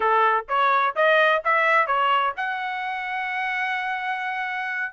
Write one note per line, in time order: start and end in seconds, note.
0.00 0.45 A4
0.48 0.95 C#5
0.95 1.42 D#5
1.44 1.86 E5
1.86 2.33 C#5
2.37 4.93 F#5